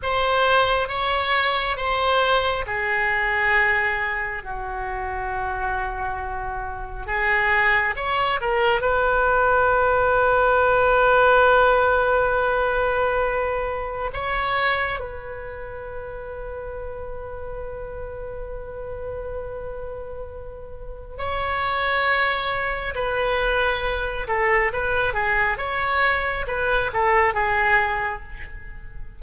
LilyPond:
\new Staff \with { instrumentName = "oboe" } { \time 4/4 \tempo 4 = 68 c''4 cis''4 c''4 gis'4~ | gis'4 fis'2. | gis'4 cis''8 ais'8 b'2~ | b'1 |
cis''4 b'2.~ | b'1 | cis''2 b'4. a'8 | b'8 gis'8 cis''4 b'8 a'8 gis'4 | }